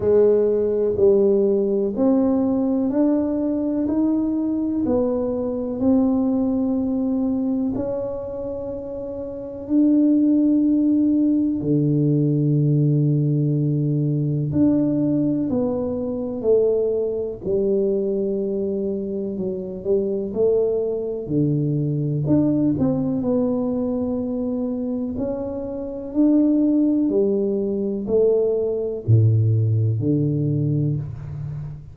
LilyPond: \new Staff \with { instrumentName = "tuba" } { \time 4/4 \tempo 4 = 62 gis4 g4 c'4 d'4 | dis'4 b4 c'2 | cis'2 d'2 | d2. d'4 |
b4 a4 g2 | fis8 g8 a4 d4 d'8 c'8 | b2 cis'4 d'4 | g4 a4 a,4 d4 | }